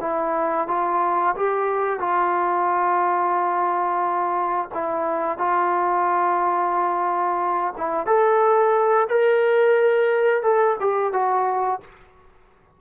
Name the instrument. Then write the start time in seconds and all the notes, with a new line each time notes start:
trombone
0.00 E4
0.67 F4
1.36 G4
1.99 F4
4.73 E4
5.37 F4
7.77 E4
8.06 A4
9.09 A#4
10.42 A4
10.80 G4
11.13 F#4